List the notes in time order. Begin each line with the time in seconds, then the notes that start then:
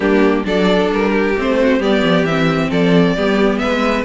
0.00 G3 A#3 D4 G4
0.44 F#3 D4 A4 D5
0.91 G3 A#4
1.11 G4
1.37 A3 C4 C5
1.61 F#4
1.78 G3 B3 G4 D5
2.03 F3
2.22 E3 C4 E5
2.70 F3 A4 D5
3.16 G3 B3 G4
3.58 G#3 B4 E5